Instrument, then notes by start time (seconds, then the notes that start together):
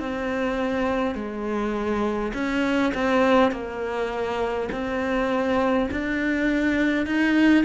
cello
0.00 C4
1.15 G#3
2.34 C#4
2.94 C4
3.51 A#3
4.72 C4
5.91 D4
7.06 D#4